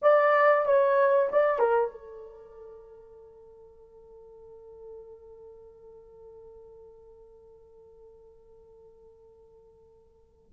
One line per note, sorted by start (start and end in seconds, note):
0.01 0.65 D5
0.65 1.29 C#5
1.32 1.58 D5
1.58 1.90 A#4
1.90 10.52 A4